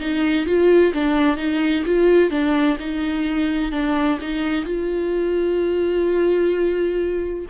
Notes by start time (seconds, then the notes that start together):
0.00 D#4
0.46 F4
0.94 D4
1.37 D#4
1.86 F4
2.31 D4
2.80 D#4
3.72 D4
4.21 D#4
4.65 F4